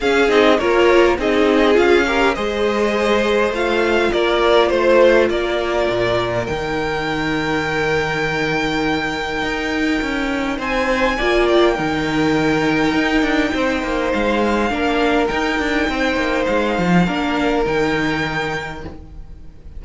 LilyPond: <<
  \new Staff \with { instrumentName = "violin" } { \time 4/4 \tempo 4 = 102 f''8 dis''8 cis''4 dis''4 f''4 | dis''2 f''4 d''4 | c''4 d''2 g''4~ | g''1~ |
g''2 gis''4. g''8~ | g''1 | f''2 g''2 | f''2 g''2 | }
  \new Staff \with { instrumentName = "violin" } { \time 4/4 gis'4 ais'4 gis'4. ais'8 | c''2. ais'4 | c''4 ais'2.~ | ais'1~ |
ais'2 c''4 d''4 | ais'2. c''4~ | c''4 ais'2 c''4~ | c''4 ais'2. | }
  \new Staff \with { instrumentName = "viola" } { \time 4/4 cis'8 dis'8 f'4 dis'4 f'8 g'8 | gis'2 f'2~ | f'2. dis'4~ | dis'1~ |
dis'2. f'4 | dis'1~ | dis'4 d'4 dis'2~ | dis'4 d'4 dis'2 | }
  \new Staff \with { instrumentName = "cello" } { \time 4/4 cis'8 c'8 ais4 c'4 cis'4 | gis2 a4 ais4 | a4 ais4 ais,4 dis4~ | dis1 |
dis'4 cis'4 c'4 ais4 | dis2 dis'8 d'8 c'8 ais8 | gis4 ais4 dis'8 d'8 c'8 ais8 | gis8 f8 ais4 dis2 | }
>>